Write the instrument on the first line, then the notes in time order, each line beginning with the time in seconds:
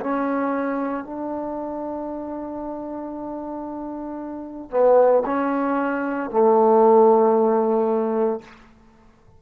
trombone
0.00 C#4
1.04 D4
4.70 B3
5.25 C#4
6.31 A3